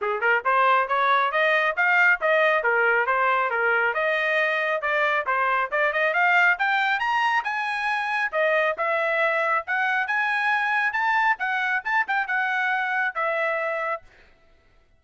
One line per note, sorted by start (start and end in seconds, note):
0.01 0.21 G#4
0.21 0.42 A#4
0.45 0.88 C5
0.88 1.31 C#5
1.31 1.75 D#5
1.76 2.20 F5
2.20 2.63 D#5
2.63 3.06 A#4
3.06 3.50 C5
3.50 3.94 A#4
3.94 4.81 D#5
4.81 5.25 D5
5.26 5.70 C5
5.71 5.92 D5
5.92 6.13 D#5
6.13 6.57 F5
6.58 6.99 G5
6.99 7.43 A#5
7.44 8.31 G#5
8.32 8.76 D#5
8.77 9.65 E5
9.66 10.07 F#5
10.07 10.92 G#5
10.92 11.36 A5
11.38 11.82 F#5
11.84 12.06 A5
12.07 12.27 G5
12.27 13.14 F#5
13.15 14.02 E5